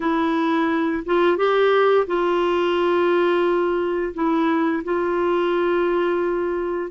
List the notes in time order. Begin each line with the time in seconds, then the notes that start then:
0.00 E4
1.05 F4
1.37 G4
2.07 F4
4.14 E4
4.84 F4